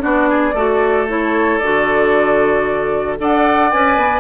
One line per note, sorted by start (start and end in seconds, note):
0.00 0.54 B3
0.00 0.53 D4
0.00 0.29 F#4
0.00 1.08 D5
0.29 0.55 G#4
0.54 1.59 A3
0.54 1.08 F#4
0.54 3.18 A4
1.08 1.60 E4
1.08 1.58 C#5
1.58 3.19 D3
1.58 3.18 F#4
1.58 3.16 D5
3.18 3.72 D4
3.18 3.71 A4
3.18 4.20 D5
3.18 3.71 F#5
3.71 3.97 C#4
3.71 4.20 B4
3.71 4.20 G#5
3.97 4.20 B3